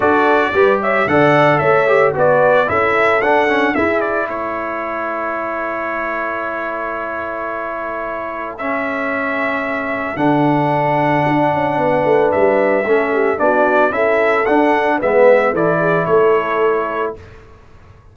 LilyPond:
<<
  \new Staff \with { instrumentName = "trumpet" } { \time 4/4 \tempo 4 = 112 d''4. e''8 fis''4 e''4 | d''4 e''4 fis''4 e''8 d''8 | cis''1~ | cis''1 |
e''2. fis''4~ | fis''2. e''4~ | e''4 d''4 e''4 fis''4 | e''4 d''4 cis''2 | }
  \new Staff \with { instrumentName = "horn" } { \time 4/4 a'4 b'8 cis''8 d''4 cis''4 | b'4 a'2 gis'4 | a'1~ | a'1~ |
a'1~ | a'2 b'2 | a'8 g'8 fis'4 a'2 | b'4 a'8 gis'8 a'2 | }
  \new Staff \with { instrumentName = "trombone" } { \time 4/4 fis'4 g'4 a'4. g'8 | fis'4 e'4 d'8 cis'8 e'4~ | e'1~ | e'1 |
cis'2. d'4~ | d'1 | cis'4 d'4 e'4 d'4 | b4 e'2. | }
  \new Staff \with { instrumentName = "tuba" } { \time 4/4 d'4 g4 d4 a4 | b4 cis'4 d'4 e'4 | a1~ | a1~ |
a2. d4~ | d4 d'8 cis'8 b8 a8 g4 | a4 b4 cis'4 d'4 | gis4 e4 a2 | }
>>